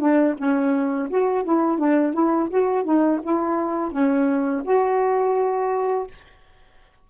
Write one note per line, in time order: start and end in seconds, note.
0.00 0.36 D4
0.38 1.09 C#4
1.10 1.44 F#4
1.44 1.79 E4
1.79 2.14 D4
2.14 2.49 E4
2.50 2.85 F#4
2.85 3.20 D#4
3.23 3.92 E4
3.92 4.63 C#4
4.65 6.07 F#4